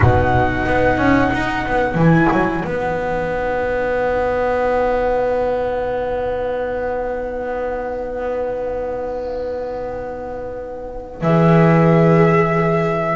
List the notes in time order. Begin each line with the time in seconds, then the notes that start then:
0.00 B2 D#4 B4 F#5
0.65 B3
0.97 C#4
1.33 D#4
1.66 B3
1.94 E3 E4 G#5
2.31 F#3
2.64 B3 D#4 F#5
11.21 E3 G#4 E5